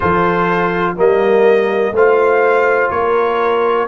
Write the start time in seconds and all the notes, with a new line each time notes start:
0.00 F3 F4 A4 C5
0.96 G3 A#3 A#4 D#5
1.91 A3 F4 C5 F5
2.90 A#3 A#4 C#5